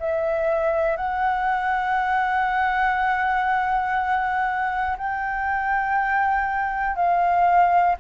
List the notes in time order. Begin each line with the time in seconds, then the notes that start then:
0.00 E5
0.97 F#5
4.98 G5
6.96 F5